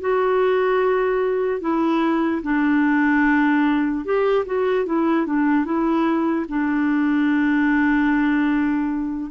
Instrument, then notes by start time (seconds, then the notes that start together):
clarinet
0.00 F#4
1.60 E4
2.42 D4
4.05 G4
4.45 F#4
4.85 E4
5.26 D4
5.64 E4
6.48 D4